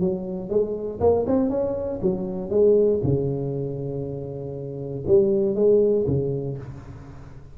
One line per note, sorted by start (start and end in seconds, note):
0.00 0.49 F#3
0.49 1.00 G#3
1.00 1.25 A#3
1.27 1.49 C4
1.49 2.00 C#4
2.02 2.50 F#3
2.50 3.00 G#3
3.03 5.05 C#3
5.07 5.55 G3
5.55 6.05 G#3
6.07 6.58 C#3